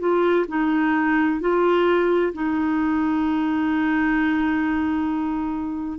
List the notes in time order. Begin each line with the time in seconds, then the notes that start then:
0.00 F4
0.48 D#4
1.41 F4
2.34 D#4